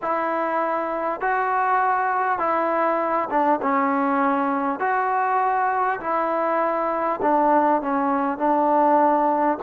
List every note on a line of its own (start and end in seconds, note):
0.02 1.20 E4
1.20 2.38 F#4
2.38 3.28 E4
3.30 3.60 D4
3.62 4.79 C#4
4.79 5.99 F#4
5.99 7.19 E4
7.22 7.81 D4
7.81 8.38 C#4
8.38 9.58 D4